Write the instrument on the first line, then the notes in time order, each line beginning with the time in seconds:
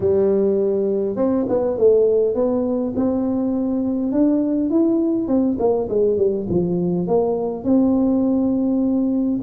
tuba
0.00 G3
1.16 C4
1.48 B3
1.77 A3
2.34 B3
2.96 C4
4.12 D4
4.70 E4
5.27 C4
5.59 A#3
5.89 G#3
6.17 G3
6.49 F3
7.07 A#3
7.63 C4